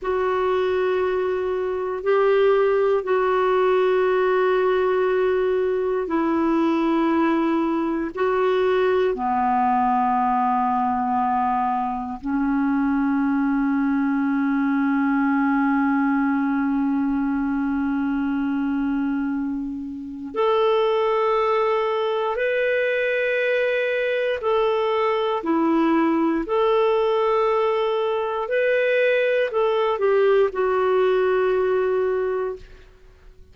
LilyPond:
\new Staff \with { instrumentName = "clarinet" } { \time 4/4 \tempo 4 = 59 fis'2 g'4 fis'4~ | fis'2 e'2 | fis'4 b2. | cis'1~ |
cis'1 | a'2 b'2 | a'4 e'4 a'2 | b'4 a'8 g'8 fis'2 | }